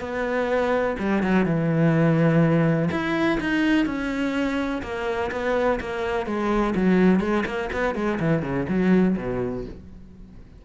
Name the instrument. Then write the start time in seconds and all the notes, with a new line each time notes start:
cello
0.00 B3
0.99 G3
1.22 F#3
1.45 E3
2.91 E4
3.40 D#4
3.86 C#4
4.83 A#3
5.31 B3
5.80 A#3
6.26 G#3
6.75 F#3
7.20 G#3
7.46 A#3
7.73 B3
7.95 G#3
8.20 E3
8.42 C#3
8.69 F#3
9.17 B2